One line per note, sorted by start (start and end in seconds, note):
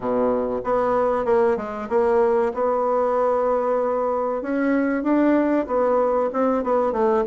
0.00 0.61 B2
0.64 1.25 B3
1.25 1.56 A#3
1.56 1.88 G#3
1.89 2.52 A#3
2.53 4.42 B3
4.42 5.03 C#4
5.03 5.66 D4
5.66 6.30 B3
6.32 6.63 C4
6.63 6.92 B3
6.92 7.23 A3